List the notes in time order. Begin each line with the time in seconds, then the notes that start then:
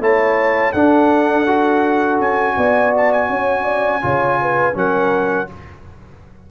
0.00 A3 E4 C#5 A5
0.72 D4 A4 F#5
1.46 F#4
2.20 C#4 G#5
2.57 B3 D5
2.97 A5
3.12 G#5
3.29 C#4 C#5
3.64 D5
4.01 C#3 F4 C#5
4.42 B4
4.73 F#3 C#4 A#4 F#5